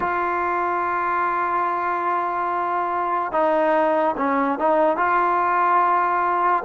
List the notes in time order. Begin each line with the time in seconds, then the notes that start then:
0.00 F4
3.31 D#4
4.17 C#4
4.58 D#4
4.97 F4